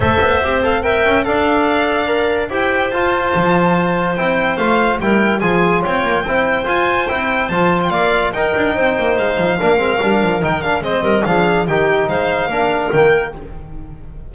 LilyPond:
<<
  \new Staff \with { instrumentName = "violin" } { \time 4/4 \tempo 4 = 144 e''4. f''8 g''4 f''4~ | f''2 g''4 a''4~ | a''2 g''4 f''4 | g''4 gis''4 g''2 |
gis''4 g''4 a''8. g''16 f''4 | g''2 f''2~ | f''4 g''8 f''8 dis''4 f''4 | g''4 f''2 g''4 | }
  \new Staff \with { instrumentName = "clarinet" } { \time 4/4 c''2 e''4 d''4~ | d''2 c''2~ | c''1 | ais'4 gis'4 cis''4 c''4~ |
c''2. d''4 | ais'4 c''2 ais'4~ | ais'2 c''8 ais'8 gis'4 | g'4 c''4 ais'2 | }
  \new Staff \with { instrumentName = "trombone" } { \time 4/4 a'4 g'8 a'8 ais'4 a'4~ | a'4 ais'4 g'4 f'4~ | f'2 e'4 f'4 | e'4 f'2 e'4 |
f'4 e'4 f'2 | dis'2. d'8 c'8 | d'4 dis'8 d'8 c'4 d'4 | dis'2 d'4 ais4 | }
  \new Staff \with { instrumentName = "double bass" } { \time 4/4 a8 b8 c'4. cis'8 d'4~ | d'2 e'4 f'4 | f2 c'4 a4 | g4 f4 c'8 ais8 c'4 |
f'4 c'4 f4 ais4 | dis'8 d'8 c'8 ais8 gis8 f8 ais8 gis8 | g8 f8 dis4 gis8 g8 f4 | dis4 gis4 ais4 dis4 | }
>>